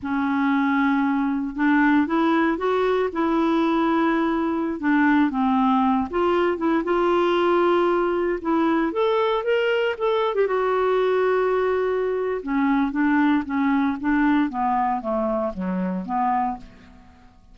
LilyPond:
\new Staff \with { instrumentName = "clarinet" } { \time 4/4 \tempo 4 = 116 cis'2. d'4 | e'4 fis'4 e'2~ | e'4~ e'16 d'4 c'4. f'16~ | f'8. e'8 f'2~ f'8.~ |
f'16 e'4 a'4 ais'4 a'8. | g'16 fis'2.~ fis'8. | cis'4 d'4 cis'4 d'4 | b4 a4 fis4 b4 | }